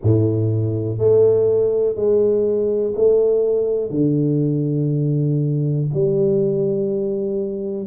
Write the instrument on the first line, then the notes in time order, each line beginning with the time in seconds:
tuba
0.02 A2
0.98 A3
1.95 G#3
2.95 A3
3.90 D3
5.93 G3